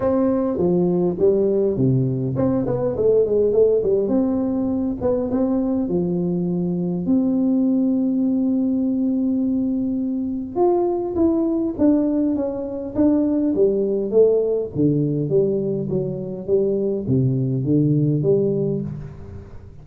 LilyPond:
\new Staff \with { instrumentName = "tuba" } { \time 4/4 \tempo 4 = 102 c'4 f4 g4 c4 | c'8 b8 a8 gis8 a8 g8 c'4~ | c'8 b8 c'4 f2 | c'1~ |
c'2 f'4 e'4 | d'4 cis'4 d'4 g4 | a4 d4 g4 fis4 | g4 c4 d4 g4 | }